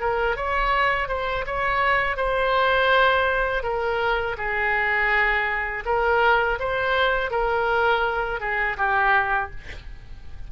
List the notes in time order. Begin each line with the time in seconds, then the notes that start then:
0.00 A#4
0.36 C#5
1.08 C5
1.46 C#5
2.17 C5
3.63 A#4
4.38 G#4
5.85 A#4
6.59 C5
7.30 A#4
8.40 G#4
8.77 G4